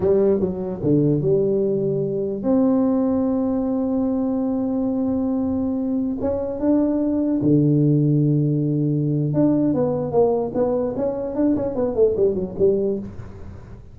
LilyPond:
\new Staff \with { instrumentName = "tuba" } { \time 4/4 \tempo 4 = 148 g4 fis4 d4 g4~ | g2 c'2~ | c'1~ | c'2.~ c'16 cis'8.~ |
cis'16 d'2 d4.~ d16~ | d2. d'4 | b4 ais4 b4 cis'4 | d'8 cis'8 b8 a8 g8 fis8 g4 | }